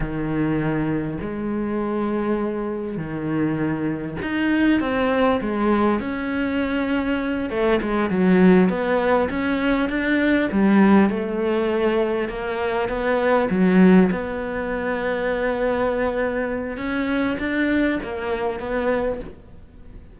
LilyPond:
\new Staff \with { instrumentName = "cello" } { \time 4/4 \tempo 4 = 100 dis2 gis2~ | gis4 dis2 dis'4 | c'4 gis4 cis'2~ | cis'8 a8 gis8 fis4 b4 cis'8~ |
cis'8 d'4 g4 a4.~ | a8 ais4 b4 fis4 b8~ | b1 | cis'4 d'4 ais4 b4 | }